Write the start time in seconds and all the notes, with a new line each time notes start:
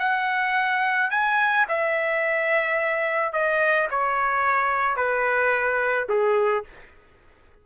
0.00 F#5
1.11 G#5
1.69 E5
3.33 D#5
3.91 C#5
4.97 B4
6.09 G#4